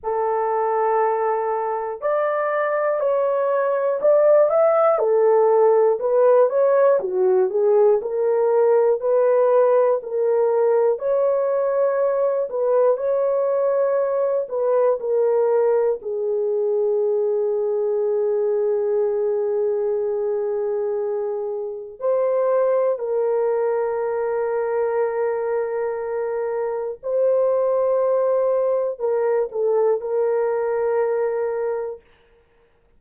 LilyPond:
\new Staff \with { instrumentName = "horn" } { \time 4/4 \tempo 4 = 60 a'2 d''4 cis''4 | d''8 e''8 a'4 b'8 cis''8 fis'8 gis'8 | ais'4 b'4 ais'4 cis''4~ | cis''8 b'8 cis''4. b'8 ais'4 |
gis'1~ | gis'2 c''4 ais'4~ | ais'2. c''4~ | c''4 ais'8 a'8 ais'2 | }